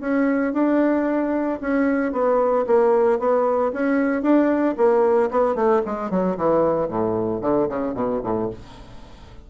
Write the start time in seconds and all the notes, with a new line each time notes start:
0.00 C#4
0.53 D4
1.60 C#4
2.12 B3
2.66 A#3
3.19 B3
3.72 C#4
4.22 D4
4.77 A#3
5.30 B3
5.55 A3
5.85 G#3
6.10 F#3
6.37 E3
6.88 A2
7.41 D3
7.68 C#3
7.94 B2
8.23 A2